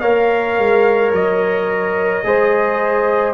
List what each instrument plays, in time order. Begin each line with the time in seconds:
0.00 tuba A#3, trombone A#4, horn C#5, trumpet F5
0.58 tuba G#3
1.12 tuba F#3, trumpet D#5
2.24 tuba G#3, trombone G#4, horn C5